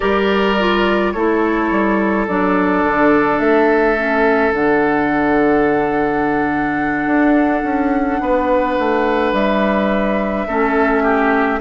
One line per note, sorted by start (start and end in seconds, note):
0.00 1.14 G3
0.00 0.56 G4
0.00 1.13 A#4
0.00 1.12 D5
0.59 1.15 F4
1.12 1.70 A3
1.12 2.28 E4
1.12 8.21 A4
1.12 2.25 C#5
1.70 2.27 G3
2.27 2.84 F#3
2.27 3.96 D4
2.27 3.39 D5
2.84 3.39 D3
3.39 4.51 A3
3.39 4.52 E5
3.96 4.52 C#4
4.51 7.06 D3
4.51 10.47 D4
4.51 9.34 F#5
7.06 7.62 D4
7.63 8.19 C#4
8.21 8.77 B3
8.21 10.47 B4
8.78 9.33 A3
9.33 10.46 G3
9.33 11.60 E5
10.47 11.60 A3
10.47 11.60 C#4
10.47 11.02 A4
11.02 11.59 G4